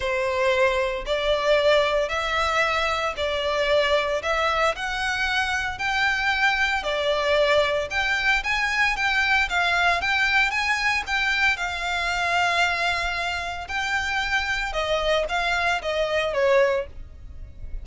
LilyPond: \new Staff \with { instrumentName = "violin" } { \time 4/4 \tempo 4 = 114 c''2 d''2 | e''2 d''2 | e''4 fis''2 g''4~ | g''4 d''2 g''4 |
gis''4 g''4 f''4 g''4 | gis''4 g''4 f''2~ | f''2 g''2 | dis''4 f''4 dis''4 cis''4 | }